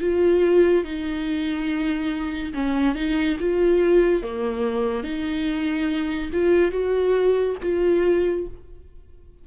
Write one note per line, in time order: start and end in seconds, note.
0.00 0.84 F4
0.84 2.53 D#4
2.54 2.95 C#4
2.95 3.37 D#4
3.40 4.23 F4
4.23 5.03 A#3
5.03 6.30 D#4
6.33 6.71 F4
6.71 7.56 F#4
7.62 8.47 F4